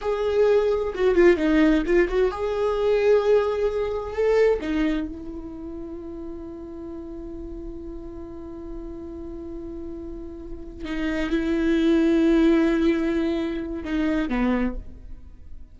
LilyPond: \new Staff \with { instrumentName = "viola" } { \time 4/4 \tempo 4 = 130 gis'2 fis'8 f'8 dis'4 | f'8 fis'8 gis'2.~ | gis'4 a'4 dis'4 e'4~ | e'1~ |
e'1~ | e'2.~ e'8 dis'8~ | dis'8 e'2.~ e'8~ | e'2 dis'4 b4 | }